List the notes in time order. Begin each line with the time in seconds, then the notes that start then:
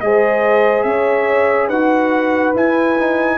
0.00 G#3 G#4 C5 D#5
0.83 C#4 C#5 E5
1.67 D#4 F#4 B4 F#5
2.54 E4 G#5
2.99 D#4